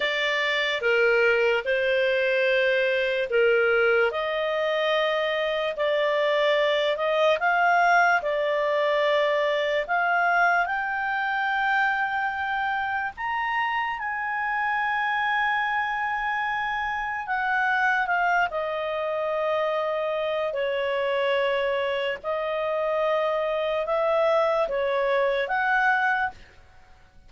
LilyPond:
\new Staff \with { instrumentName = "clarinet" } { \time 4/4 \tempo 4 = 73 d''4 ais'4 c''2 | ais'4 dis''2 d''4~ | d''8 dis''8 f''4 d''2 | f''4 g''2. |
ais''4 gis''2.~ | gis''4 fis''4 f''8 dis''4.~ | dis''4 cis''2 dis''4~ | dis''4 e''4 cis''4 fis''4 | }